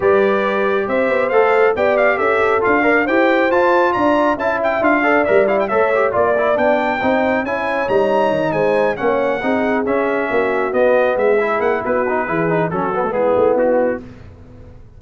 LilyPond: <<
  \new Staff \with { instrumentName = "trumpet" } { \time 4/4 \tempo 4 = 137 d''2 e''4 f''4 | g''8 f''8 e''4 f''4 g''4 | a''4 ais''4 a''8 g''8 f''4 | e''8 f''16 g''16 e''4 d''4 g''4~ |
g''4 gis''4 ais''4. gis''8~ | gis''8 fis''2 e''4.~ | e''8 dis''4 e''4 fis''8 b'4~ | b'4 a'4 gis'4 fis'4 | }
  \new Staff \with { instrumentName = "horn" } { \time 4/4 b'2 c''2 | d''4 a'4. d''8 c''4~ | c''4 d''4 e''4. d''8~ | d''4 cis''4 d''2 |
c''4 cis''2~ cis''8 c''8~ | c''8 cis''4 gis'2 fis'8~ | fis'4. gis'4. fis'4 | gis'4 fis'4 e'2 | }
  \new Staff \with { instrumentName = "trombone" } { \time 4/4 g'2. a'4 | g'2 f'8 ais'8 g'4 | f'2 e'4 f'8 a'8 | ais'8 e'8 a'8 g'8 f'8 e'8 d'4 |
dis'4 e'4 dis'2~ | dis'8 cis'4 dis'4 cis'4.~ | cis'8 b4. e'4. dis'8 | e'8 dis'8 cis'8 b16 a16 b2 | }
  \new Staff \with { instrumentName = "tuba" } { \time 4/4 g2 c'8 b8 a4 | b4 cis'4 d'4 e'4 | f'4 d'4 cis'4 d'4 | g4 a4 ais4 b4 |
c'4 cis'4 g4 dis8 gis8~ | gis8 ais4 c'4 cis'4 ais8~ | ais8 b4 gis4 ais8 b4 | e4 fis4 gis8 a8 b4 | }
>>